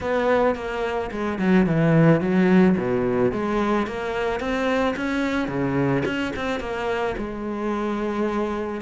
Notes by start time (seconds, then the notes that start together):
0.00 B3
0.55 A#3
1.11 G#3
1.38 F#3
1.66 E3
2.20 F#3
2.77 B2
3.32 G#3
3.86 A#3
4.39 C4
4.96 C#4
5.47 C#3
6.05 C#4
6.36 C4
6.60 A#3
7.17 G#3